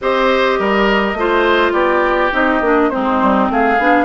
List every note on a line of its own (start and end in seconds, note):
0.01 0.59 C4
0.01 1.17 G4
0.01 0.59 C5
0.01 1.72 D#5
0.59 1.13 G3
0.59 1.17 A#4
1.13 1.71 A3
1.13 2.32 F4
1.13 1.73 C5
1.72 2.30 B3
1.72 2.89 G4
1.72 2.31 D5
2.32 2.60 C4
2.32 2.61 D#4
2.32 2.89 D#5
2.60 2.90 A#3
2.60 2.90 D4
2.89 3.78 C4
2.89 3.52 D#4
2.89 3.48 C5
2.96 3.22 G#3
3.22 3.49 G3
3.49 3.78 A3
3.49 4.05 G#4
3.49 4.05 F5
3.78 4.05 B3
3.78 4.05 D4